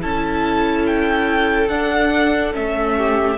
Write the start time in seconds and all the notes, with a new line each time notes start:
0.00 C#4 E4 A4 A5
0.86 G5
1.68 D4 F#5
2.53 A3 C#4 E5
2.96 G4